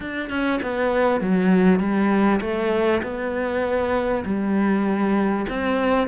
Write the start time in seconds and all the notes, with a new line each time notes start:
0.00 D4
0.29 C#4
0.62 B3
1.20 F#3
1.79 G3
2.40 A3
3.02 B3
4.25 G3
5.49 C4